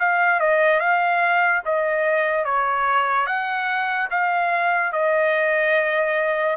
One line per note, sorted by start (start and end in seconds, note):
0.00 0.40 F5
0.40 0.80 D#5
0.80 1.63 F5
1.66 2.45 D#5
2.45 3.27 C#5
3.27 4.09 F#5
4.11 4.93 F5
4.93 6.57 D#5